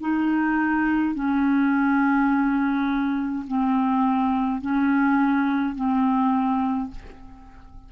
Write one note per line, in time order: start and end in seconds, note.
0.00 1.15 D#4
1.15 3.46 C#4
3.47 4.62 C4
4.62 5.75 C#4
5.75 6.91 C4